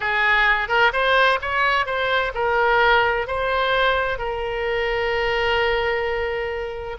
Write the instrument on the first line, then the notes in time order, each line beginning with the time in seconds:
oboe
0.00 G#4
0.68 A#4
0.92 C5
1.41 C#5
1.86 C5
2.34 A#4
3.27 C5
4.18 A#4